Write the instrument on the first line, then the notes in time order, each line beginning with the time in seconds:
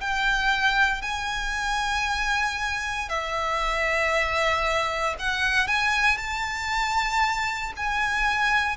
violin
0.00 G5
1.02 G#5
3.08 E5
5.19 F#5
5.67 G#5
6.17 A5
7.76 G#5